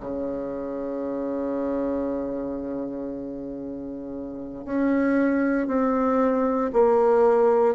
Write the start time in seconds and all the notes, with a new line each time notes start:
0.00 C#3
4.65 C#4
5.67 C4
6.73 A#3